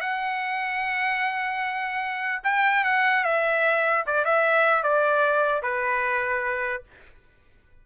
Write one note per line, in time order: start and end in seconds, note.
0.00 2.42 F#5
2.43 2.83 G5
2.84 3.24 F#5
3.24 4.04 E5
4.06 4.24 D5
4.24 4.83 E5
4.83 5.62 D5
5.62 6.83 B4